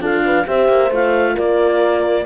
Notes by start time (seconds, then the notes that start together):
0.00 D4 F4 A4 F5
0.25 B4
0.46 C4 G4 C5 E5
0.69 A#3
0.91 A3 F4 F5
1.34 A#3 A#4 D5